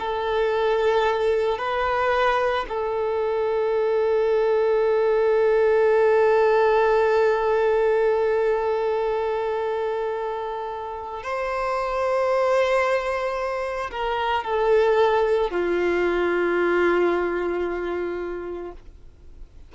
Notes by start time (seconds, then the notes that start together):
0.00 A4
1.59 B4
2.69 A4
11.24 C5
13.92 A#4
14.44 A4
15.51 F4